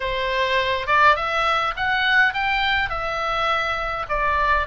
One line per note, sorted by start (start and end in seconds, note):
0.00 0.86 C5
0.86 1.15 D5
1.15 1.74 E5
1.76 2.33 F#5
2.33 2.89 G5
2.89 4.06 E5
4.08 4.67 D5